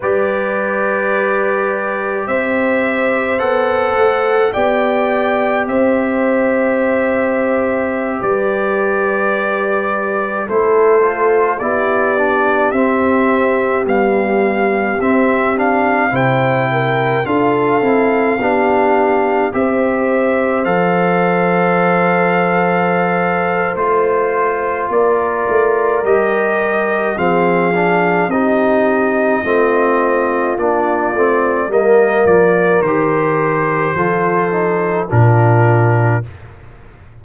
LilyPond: <<
  \new Staff \with { instrumentName = "trumpet" } { \time 4/4 \tempo 4 = 53 d''2 e''4 fis''4 | g''4 e''2~ e''16 d''8.~ | d''4~ d''16 c''4 d''4 e''8.~ | e''16 f''4 e''8 f''8 g''4 f''8.~ |
f''4~ f''16 e''4 f''4.~ f''16~ | f''4 c''4 d''4 dis''4 | f''4 dis''2 d''4 | dis''8 d''8 c''2 ais'4 | }
  \new Staff \with { instrumentName = "horn" } { \time 4/4 b'2 c''2 | d''4 c''2~ c''16 b'8.~ | b'4~ b'16 a'4 g'4.~ g'16~ | g'2~ g'16 c''8 ais'8 a'8.~ |
a'16 g'4 c''2~ c''8.~ | c''2 ais'2 | gis'4 g'4 f'2 | ais'2 a'4 f'4 | }
  \new Staff \with { instrumentName = "trombone" } { \time 4/4 g'2. a'4 | g'1~ | g'4~ g'16 e'8 f'8 e'8 d'8 c'8.~ | c'16 g4 c'8 d'8 e'4 f'8 e'16~ |
e'16 d'4 g'4 a'4.~ a'16~ | a'4 f'2 g'4 | c'8 d'8 dis'4 c'4 d'8 c'8 | ais4 g'4 f'8 dis'8 d'4 | }
  \new Staff \with { instrumentName = "tuba" } { \time 4/4 g2 c'4 b8 a8 | b4 c'2~ c'16 g8.~ | g4~ g16 a4 b4 c'8.~ | c'16 b4 c'4 c4 d'8 c'16~ |
c'16 b4 c'4 f4.~ f16~ | f4 a4 ais8 a8 g4 | f4 c'4 a4 ais8 a8 | g8 f8 dis4 f4 ais,4 | }
>>